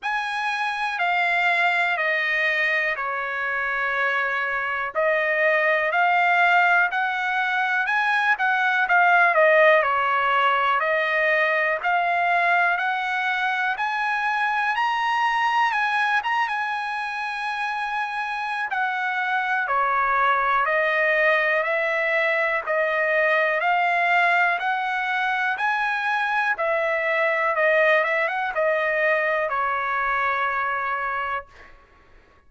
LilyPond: \new Staff \with { instrumentName = "trumpet" } { \time 4/4 \tempo 4 = 61 gis''4 f''4 dis''4 cis''4~ | cis''4 dis''4 f''4 fis''4 | gis''8 fis''8 f''8 dis''8 cis''4 dis''4 | f''4 fis''4 gis''4 ais''4 |
gis''8 ais''16 gis''2~ gis''16 fis''4 | cis''4 dis''4 e''4 dis''4 | f''4 fis''4 gis''4 e''4 | dis''8 e''16 fis''16 dis''4 cis''2 | }